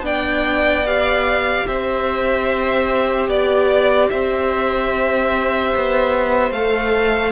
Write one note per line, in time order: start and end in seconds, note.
0.00 1.62 B3
0.00 0.84 D4
0.00 1.67 D5
0.00 0.87 G5
0.86 6.53 G4
0.86 1.67 F5
1.67 3.29 C4
1.67 3.29 C5
1.67 3.30 E5
3.29 4.10 B3
3.29 4.10 D5
4.10 5.74 C4
4.10 7.32 C5
4.10 6.52 E5
5.76 6.51 B3
6.51 7.32 A3
6.51 7.32 A4
6.51 7.32 F5